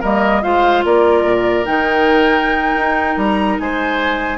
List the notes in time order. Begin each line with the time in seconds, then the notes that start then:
0.00 G3 A#3 A#4 D#5
0.42 G#3 F4 C5 F5
0.84 A#3 A#4 D5
1.24 A#2
1.65 D#3 D#4 G5
2.75 D#4
3.17 G3 A#5
3.59 G#3 C5 G#5